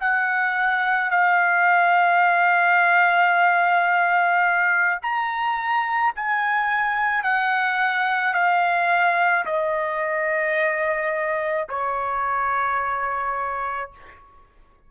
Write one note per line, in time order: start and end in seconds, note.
0.00 1.11 F#5
1.11 4.99 F5
5.02 6.13 A#5
6.15 7.23 G#5
7.23 8.34 F#5
8.34 9.45 F5
9.45 11.68 D#5
11.69 13.91 C#5